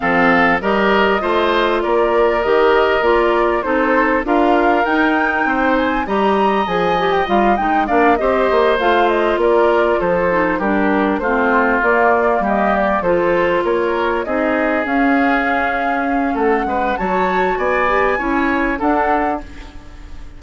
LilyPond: <<
  \new Staff \with { instrumentName = "flute" } { \time 4/4 \tempo 4 = 99 f''4 dis''2 d''4 | dis''4 d''4 c''4 f''4 | g''4. gis''8 ais''4 gis''8. g''16 | f''8 g''8 f''8 dis''4 f''8 dis''8 d''8~ |
d''8 c''4 ais'4 c''4 d''8~ | d''8 dis''8 d''8 c''4 cis''4 dis''8~ | dis''8 f''2~ f''8 fis''4 | a''4 gis''2 fis''4 | }
  \new Staff \with { instrumentName = "oboe" } { \time 4/4 a'4 ais'4 c''4 ais'4~ | ais'2 a'4 ais'4~ | ais'4 c''4 dis''2~ | dis''4 d''8 c''2 ais'8~ |
ais'8 a'4 g'4 f'4.~ | f'8 g'4 a'4 ais'4 gis'8~ | gis'2. a'8 b'8 | cis''4 d''4 cis''4 a'4 | }
  \new Staff \with { instrumentName = "clarinet" } { \time 4/4 c'4 g'4 f'2 | g'4 f'4 dis'4 f'4 | dis'2 g'4 gis'8 g'8 | f'8 dis'8 d'8 g'4 f'4.~ |
f'4 dis'8 d'4 c'4 ais8~ | ais4. f'2 dis'8~ | dis'8 cis'2.~ cis'8 | fis'4. g'8 e'4 d'4 | }
  \new Staff \with { instrumentName = "bassoon" } { \time 4/4 f4 g4 a4 ais4 | dis4 ais4 c'4 d'4 | dis'4 c'4 g4 f4 | g8 gis8 ais8 c'8 ais8 a4 ais8~ |
ais8 f4 g4 a4 ais8~ | ais8 g4 f4 ais4 c'8~ | c'8 cis'2~ cis'8 a8 gis8 | fis4 b4 cis'4 d'4 | }
>>